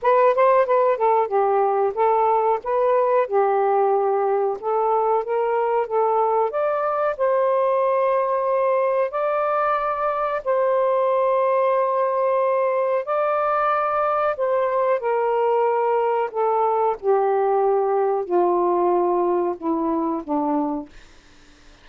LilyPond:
\new Staff \with { instrumentName = "saxophone" } { \time 4/4 \tempo 4 = 92 b'8 c''8 b'8 a'8 g'4 a'4 | b'4 g'2 a'4 | ais'4 a'4 d''4 c''4~ | c''2 d''2 |
c''1 | d''2 c''4 ais'4~ | ais'4 a'4 g'2 | f'2 e'4 d'4 | }